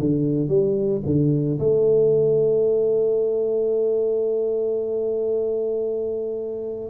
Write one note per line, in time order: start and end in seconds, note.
0.00 0.49 D3
0.49 1.02 G3
1.06 1.59 D3
1.60 6.90 A3